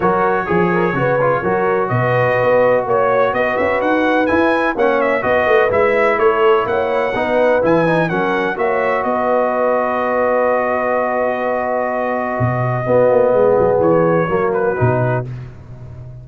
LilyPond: <<
  \new Staff \with { instrumentName = "trumpet" } { \time 4/4 \tempo 4 = 126 cis''1 | dis''2 cis''4 dis''8 e''8 | fis''4 gis''4 fis''8 e''8 dis''4 | e''4 cis''4 fis''2 |
gis''4 fis''4 e''4 dis''4~ | dis''1~ | dis''1~ | dis''4 cis''4. b'4. | }
  \new Staff \with { instrumentName = "horn" } { \time 4/4 ais'4 gis'8 ais'8 b'4 ais'4 | b'2 cis''4 b'4~ | b'2 cis''4 b'4~ | b'4 a'4 cis''4 b'4~ |
b'4 ais'4 cis''4 b'4~ | b'1~ | b'2. fis'4 | gis'2 fis'2 | }
  \new Staff \with { instrumentName = "trombone" } { \time 4/4 fis'4 gis'4 fis'8 f'8 fis'4~ | fis'1~ | fis'4 e'4 cis'4 fis'4 | e'2. dis'4 |
e'8 dis'8 cis'4 fis'2~ | fis'1~ | fis'2. b4~ | b2 ais4 dis'4 | }
  \new Staff \with { instrumentName = "tuba" } { \time 4/4 fis4 f4 cis4 fis4 | b,4 b4 ais4 b8 cis'8 | dis'4 e'4 ais4 b8 a8 | gis4 a4 ais4 b4 |
e4 fis4 ais4 b4~ | b1~ | b2 b,4 b8 ais8 | gis8 fis8 e4 fis4 b,4 | }
>>